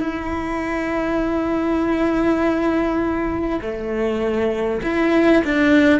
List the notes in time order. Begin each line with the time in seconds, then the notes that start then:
0.00 E4
3.61 A3
4.83 E4
5.44 D4